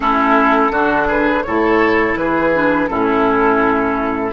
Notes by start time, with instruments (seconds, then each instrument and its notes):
0.00 bassoon A3, clarinet C#4, oboe E4, flute A4
0.70 bassoon D3, clarinet D4, oboe F#4
1.07 oboe G#4, flute B4
1.42 bassoon A2, clarinet E4, oboe A4, flute C#5
2.15 bassoon E3, oboe G#4, flute B4
2.54 clarinet D4
2.87 bassoon A2, clarinet C#4, oboe E4, flute A4